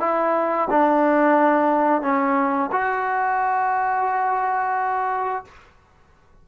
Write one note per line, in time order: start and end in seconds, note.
0.00 0.68 E4
0.70 2.02 D4
2.02 2.70 C#4
2.72 5.45 F#4